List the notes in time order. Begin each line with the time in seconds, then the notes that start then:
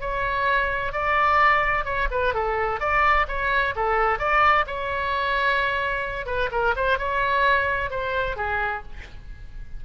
0.00 C#5
0.92 D5
1.84 C#5
2.10 B4
2.34 A4
2.80 D5
3.28 C#5
3.75 A4
4.18 D5
4.66 C#5
6.26 B4
6.51 A#4
6.75 C5
6.98 C#5
7.90 C5
8.36 G#4